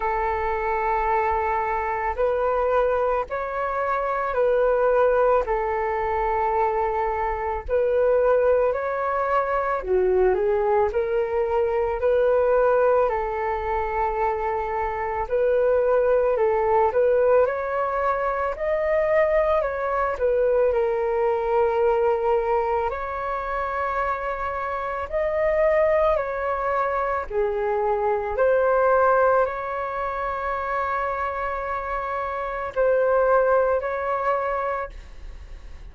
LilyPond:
\new Staff \with { instrumentName = "flute" } { \time 4/4 \tempo 4 = 55 a'2 b'4 cis''4 | b'4 a'2 b'4 | cis''4 fis'8 gis'8 ais'4 b'4 | a'2 b'4 a'8 b'8 |
cis''4 dis''4 cis''8 b'8 ais'4~ | ais'4 cis''2 dis''4 | cis''4 gis'4 c''4 cis''4~ | cis''2 c''4 cis''4 | }